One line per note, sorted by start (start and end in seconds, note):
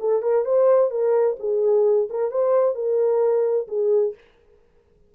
0.00 0.22 A4
0.22 0.45 A#4
0.45 0.90 C5
0.90 1.37 A#4
1.39 2.09 G#4
2.10 2.31 A#4
2.31 2.75 C5
2.75 3.67 A#4
3.68 4.14 G#4